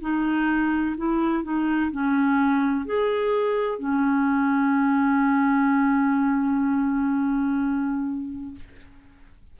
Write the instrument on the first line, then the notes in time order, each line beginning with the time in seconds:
clarinet
0.00 D#4
0.97 E4
1.43 D#4
1.91 C#4
2.85 G#4
3.78 C#4